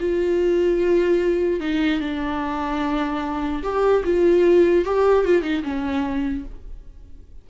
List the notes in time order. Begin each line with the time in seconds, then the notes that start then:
0.00 F4
1.61 D#4
2.01 D4
3.63 G4
4.04 F4
4.85 G4
5.25 F4
5.43 D#4
5.64 C#4